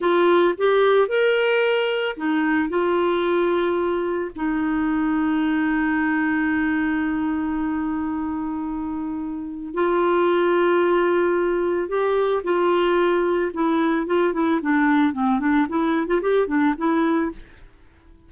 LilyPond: \new Staff \with { instrumentName = "clarinet" } { \time 4/4 \tempo 4 = 111 f'4 g'4 ais'2 | dis'4 f'2. | dis'1~ | dis'1~ |
dis'2 f'2~ | f'2 g'4 f'4~ | f'4 e'4 f'8 e'8 d'4 | c'8 d'8 e'8. f'16 g'8 d'8 e'4 | }